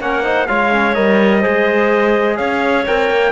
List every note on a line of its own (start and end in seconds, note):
0.00 0.48 A#3
0.00 0.23 C#4
0.00 0.23 A#4
0.00 0.47 F#5
0.23 0.47 D#4
0.23 0.47 C5
0.47 0.96 G#3
0.47 0.71 F4
0.47 1.40 C#5
0.47 0.94 F5
0.71 0.94 C#4
0.94 1.44 G3
0.94 1.42 A#4
0.94 2.36 D#5
1.40 2.85 G#4
1.40 2.35 C5
1.47 2.39 G#3
2.36 2.87 C#4
2.36 3.31 C#5
2.36 2.84 F5
2.86 3.10 C4
2.86 3.31 A#4
2.86 3.31 G5
3.10 3.31 A#3